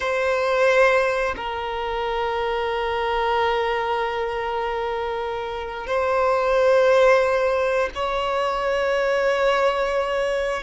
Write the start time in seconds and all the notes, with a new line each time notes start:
0.00 C5
1.36 A#4
5.87 C5
7.94 C#5